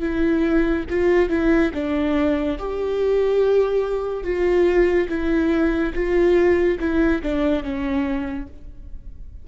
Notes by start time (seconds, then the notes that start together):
0.00 E4
0.90 F4
1.29 E4
1.74 D4
2.59 G4
4.24 F4
5.09 E4
5.94 F4
6.80 E4
7.23 D4
7.64 C#4